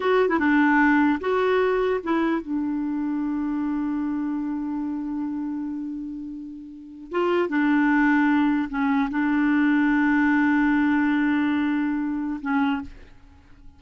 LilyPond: \new Staff \with { instrumentName = "clarinet" } { \time 4/4 \tempo 4 = 150 fis'8. e'16 d'2 fis'4~ | fis'4 e'4 d'2~ | d'1~ | d'1~ |
d'4.~ d'16 f'4 d'4~ d'16~ | d'4.~ d'16 cis'4 d'4~ d'16~ | d'1~ | d'2. cis'4 | }